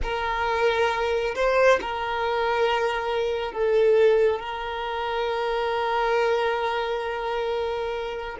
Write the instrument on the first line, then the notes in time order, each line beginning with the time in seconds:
violin
0.02 A#4
1.35 C5
1.81 A#4
3.52 A4
4.39 A#4